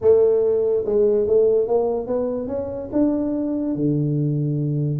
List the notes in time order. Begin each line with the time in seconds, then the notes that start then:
0.01 A3
0.85 G#3
1.27 A3
1.67 A#3
2.06 B3
2.47 C#4
2.92 D4
3.75 D3